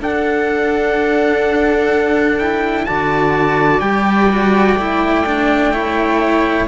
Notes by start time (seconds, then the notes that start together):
0.00 D4 A4 F#5
2.38 E4 G5
2.85 D3 F#4 D5 A5
3.80 G3 G4 G5
4.30 F#4
4.76 A3 E4
5.26 D4
5.73 E4 C#5